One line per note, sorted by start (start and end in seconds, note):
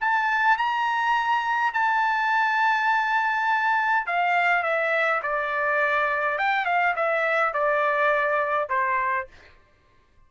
0.00 0.57 A5
0.57 1.73 A#5
1.73 4.06 A5
4.06 4.63 F5
4.63 5.21 E5
5.22 6.38 D5
6.38 6.65 G5
6.65 6.94 F5
6.96 7.53 E5
7.53 8.69 D5
8.69 9.27 C5